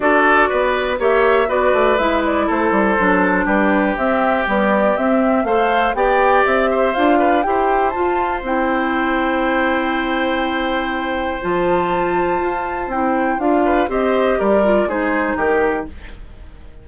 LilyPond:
<<
  \new Staff \with { instrumentName = "flute" } { \time 4/4 \tempo 4 = 121 d''2 e''4 d''4 | e''8 d''8 c''2 b'4 | e''4 d''4 e''4 f''4 | g''4 e''4 f''4 g''4 |
a''4 g''2.~ | g''2. a''4~ | a''2 g''4 f''4 | dis''4 d''4 c''4 ais'4 | }
  \new Staff \with { instrumentName = "oboe" } { \time 4/4 a'4 b'4 cis''4 b'4~ | b'4 a'2 g'4~ | g'2. c''4 | d''4. c''4 b'8 c''4~ |
c''1~ | c''1~ | c''2.~ c''8 b'8 | c''4 ais'4 gis'4 g'4 | }
  \new Staff \with { instrumentName = "clarinet" } { \time 4/4 fis'2 g'4 fis'4 | e'2 d'2 | c'4 g4 c'4 a'4 | g'2 f'4 g'4 |
f'4 e'2.~ | e'2. f'4~ | f'2 e'4 f'4 | g'4. f'8 dis'2 | }
  \new Staff \with { instrumentName = "bassoon" } { \time 4/4 d'4 b4 ais4 b8 a8 | gis4 a8 g8 fis4 g4 | c'4 b4 c'4 a4 | b4 c'4 d'4 e'4 |
f'4 c'2.~ | c'2. f4~ | f4 f'4 c'4 d'4 | c'4 g4 gis4 dis4 | }
>>